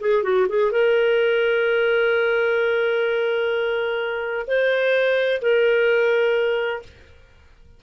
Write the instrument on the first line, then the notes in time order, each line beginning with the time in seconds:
clarinet
0.00 G#4
0.23 F#4
0.48 G#4
0.71 A#4
4.47 C5
5.41 A#4